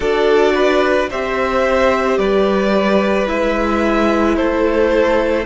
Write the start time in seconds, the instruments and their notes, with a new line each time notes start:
0.00 cello D4, viola F#4, violin A4 D5
0.54 violin B4
1.10 cello C4, viola G4, violin C5 E5
2.18 cello G3, violin B4 D5
3.27 cello G#3, viola E4, violin E5
4.36 cello A3, violin A4 C5